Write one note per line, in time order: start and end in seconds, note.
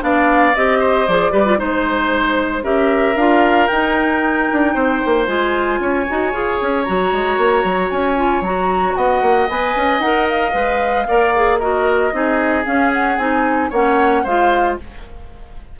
0.00 0.55 B3
0.00 0.53 D4
0.00 0.79 D5
0.00 0.55 F5
0.55 1.08 C4
0.55 1.08 G4
0.55 1.07 D#5
0.79 1.31 C5
1.07 1.32 F3
1.07 1.31 G#4
1.07 1.59 D5
1.31 1.58 G3
1.31 1.44 G4
1.31 1.58 B4
1.45 1.58 F4
1.58 2.63 G#3
1.58 2.62 D#4
1.58 2.63 C5
1.58 2.64 C5
2.62 3.15 C#4
2.62 3.15 G4
2.62 4.74 A#4
2.62 3.17 E5
3.15 3.68 D4
3.15 3.69 F4
3.15 3.67 F5
3.67 5.27 D#4
3.67 4.49 D#4
3.67 5.25 G5
4.52 4.75 D4
4.74 5.01 C4
4.74 5.79 C5
5.05 5.27 A#3
5.26 5.79 G#3
5.26 6.06 F4
5.26 6.83 G#5
5.79 6.05 C#4
5.79 8.96 C#5
6.09 6.33 D#4
6.09 6.32 F#4
6.32 6.59 F4
6.32 6.85 G#4
6.61 6.87 C#4
6.83 7.12 F#3
6.83 8.16 F#4
6.83 7.89 A#5
7.12 7.37 G#3
7.37 7.63 A#3
7.64 7.90 F#3
7.90 8.41 C#4
7.90 8.42 G#5
8.16 8.42 F4
8.41 8.93 F#3
8.41 9.49 F#4
8.41 8.95 A#5
8.95 9.22 B3
8.95 11.07 D#5
8.95 9.48 F#5
9.22 9.48 A#3
9.49 9.75 B3
9.49 10.01 B4
9.49 10.00 G#5
9.75 9.99 C#4
9.99 10.52 D#4
9.99 10.52 A#4
9.99 10.27 F#5
10.29 11.59 F5
10.52 11.06 G#3
10.52 11.05 B4
11.08 12.12 A#3
11.08 11.34 A#4
11.08 11.59 D5
11.35 11.61 G#4
11.59 12.11 F#4
11.59 12.12 A#4
11.59 12.64 D#5
12.11 12.65 C4
12.11 12.64 D#4
12.11 13.70 G#4
12.64 13.17 C#4
12.64 12.91 F5
12.93 13.18 F#5
13.17 13.70 C4
13.17 13.71 D#4
13.17 13.70 G#5
13.70 14.24 A#3
13.70 14.26 C#4
13.70 14.22 C#5
13.70 14.25 F#5
14.23 14.78 G#3
14.23 14.79 F4
14.23 14.76 C5
14.23 14.77 F5